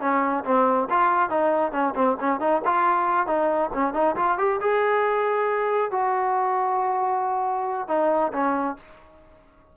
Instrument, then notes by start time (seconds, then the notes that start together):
trombone
0.00 C#4
0.44 C4
0.90 F4
1.29 D#4
1.72 C#4
1.95 C4
2.20 C#4
2.40 D#4
2.65 F4
3.26 D#4
3.73 C#4
3.94 D#4
4.16 F4
4.38 G4
4.61 G#4
5.91 F#4
7.88 D#4
8.33 C#4